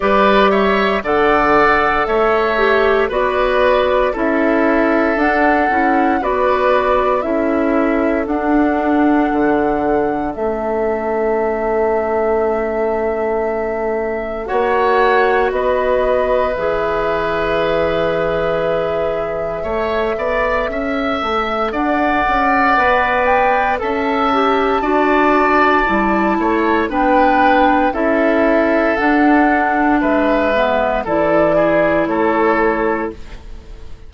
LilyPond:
<<
  \new Staff \with { instrumentName = "flute" } { \time 4/4 \tempo 4 = 58 d''8 e''8 fis''4 e''4 d''4 | e''4 fis''4 d''4 e''4 | fis''2 e''2~ | e''2 fis''4 dis''4 |
e''1~ | e''4 fis''4. g''8 a''4~ | a''2 g''4 e''4 | fis''4 e''4 d''4 cis''4 | }
  \new Staff \with { instrumentName = "oboe" } { \time 4/4 b'8 cis''8 d''4 cis''4 b'4 | a'2 b'4 a'4~ | a'1~ | a'2 cis''4 b'4~ |
b'2. cis''8 d''8 | e''4 d''2 e''4 | d''4. cis''8 b'4 a'4~ | a'4 b'4 a'8 gis'8 a'4 | }
  \new Staff \with { instrumentName = "clarinet" } { \time 4/4 g'4 a'4. g'8 fis'4 | e'4 d'8 e'8 fis'4 e'4 | d'2 cis'2~ | cis'2 fis'2 |
gis'2. a'4~ | a'2 b'4 a'8 g'8 | fis'4 e'4 d'4 e'4 | d'4. b8 e'2 | }
  \new Staff \with { instrumentName = "bassoon" } { \time 4/4 g4 d4 a4 b4 | cis'4 d'8 cis'8 b4 cis'4 | d'4 d4 a2~ | a2 ais4 b4 |
e2. a8 b8 | cis'8 a8 d'8 cis'8 b4 cis'4 | d'4 g8 a8 b4 cis'4 | d'4 gis4 e4 a4 | }
>>